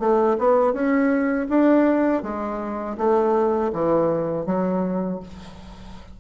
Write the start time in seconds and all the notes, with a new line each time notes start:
0.00 A3
0.39 B3
0.73 C#4
1.49 D4
2.23 G#3
2.98 A3
3.73 E3
4.46 F#3